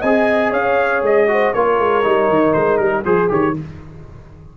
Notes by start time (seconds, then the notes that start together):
0.00 C4 G#4 D#5 G#5
0.51 C#4 C#5 F5
1.02 G#3 D#5
1.28 F#4 C5
1.54 A#3 F4 A#4 C#5
1.79 G#3
2.03 G3 D#4
2.29 D#3
2.53 G#3 C5
2.77 G3 A#4
3.04 F3 G#4 C5
3.28 D#3 G4 C#5